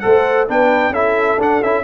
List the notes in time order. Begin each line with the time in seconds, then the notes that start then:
0.00 A3 A4 C5 F#5
0.48 B3 D4 B4 G5
0.90 C#4 E4 A4 E5
1.38 D4 F#5
1.63 C#4 E4 E5